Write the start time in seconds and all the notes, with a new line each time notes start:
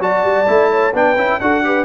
0.00 F#3 F#4 D5 A5
0.23 G3
0.47 A3 E4
0.71 C#5
0.94 B3 D4 B4 G5
1.16 C#4 E4
1.40 D4 F#4 A4 F#5
1.64 G4 B4